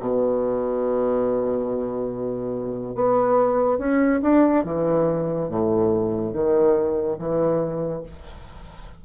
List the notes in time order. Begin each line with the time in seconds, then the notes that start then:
0.00 B2
2.95 B3
3.78 C#4
4.22 D4
4.64 E3
5.49 A2
6.33 D#3
7.19 E3